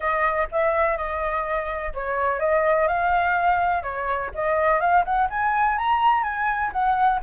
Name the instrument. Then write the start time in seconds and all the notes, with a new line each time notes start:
flute
0.00 D#5
0.51 E5
0.97 D#5
1.94 C#5
2.39 D#5
2.87 F5
3.82 C#5
4.34 D#5
4.80 F5
5.04 F#5
5.30 G#5
5.78 A#5
6.23 G#5
6.72 F#5